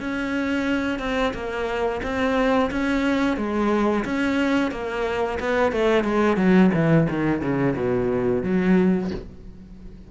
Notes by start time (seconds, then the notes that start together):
0.00 C#4
0.99 C4
1.34 A#3
2.03 C4
2.71 C#4
3.37 G#3
4.05 C#4
4.72 A#3
5.40 B3
5.72 A3
6.04 G#3
6.37 F#3
6.74 E3
7.10 D#3
7.41 C#3
7.76 B2
8.43 F#3